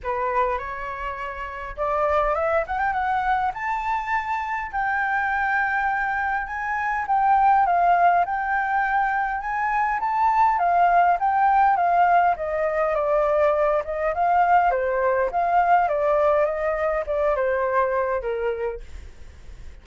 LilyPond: \new Staff \with { instrumentName = "flute" } { \time 4/4 \tempo 4 = 102 b'4 cis''2 d''4 | e''8 fis''16 g''16 fis''4 a''2 | g''2. gis''4 | g''4 f''4 g''2 |
gis''4 a''4 f''4 g''4 | f''4 dis''4 d''4. dis''8 | f''4 c''4 f''4 d''4 | dis''4 d''8 c''4. ais'4 | }